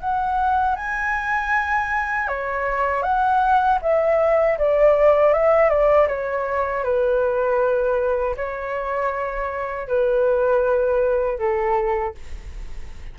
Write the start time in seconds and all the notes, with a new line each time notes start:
0.00 F#5
0.76 G#5
2.28 C#5
3.02 F#5
3.82 E5
4.58 D5
5.33 E5
5.69 D5
6.08 C#5
6.84 B4
8.36 C#5
9.87 B4
11.39 A4